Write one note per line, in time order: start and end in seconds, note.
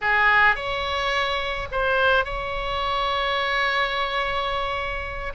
0.01 0.55 G#4
0.55 1.67 C#5
1.71 2.24 C5
2.24 5.33 C#5